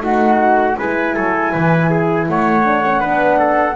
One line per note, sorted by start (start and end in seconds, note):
0.00 0.76 A3
0.00 0.75 D#4
0.00 0.78 F#4
0.00 0.78 F#5
0.78 1.16 G#3
0.78 2.64 E4
0.78 1.14 B4
0.78 2.28 G#5
1.14 1.54 F#3
1.14 1.52 A4
1.52 2.28 E3
1.52 1.90 B4
1.90 2.27 G#4
2.28 3.02 A3
2.28 3.00 C#5
2.28 3.75 F#5
2.64 2.83 D4
2.84 3.00 C#4
3.00 3.75 B3
3.00 3.75 D4
3.00 3.38 B4
3.39 3.75 A4